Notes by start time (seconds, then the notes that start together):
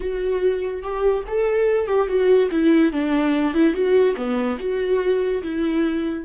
0.00 F#4
0.82 G4
1.27 A4
1.87 G4
2.07 F#4
2.51 E4
2.92 D4
3.54 E4
3.73 F#4
4.16 B3
4.59 F#4
5.42 E4